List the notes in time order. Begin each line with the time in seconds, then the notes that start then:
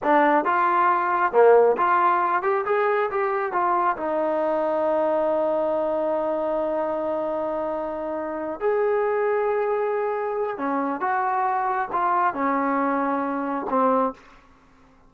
0.03 D4
0.44 F4
1.32 A#3
1.77 F4
2.42 G4
2.65 G#4
3.11 G4
3.52 F4
3.96 D#4
8.59 G#4
10.57 C#4
11.00 F#4
11.92 F4
12.33 C#4
13.69 C4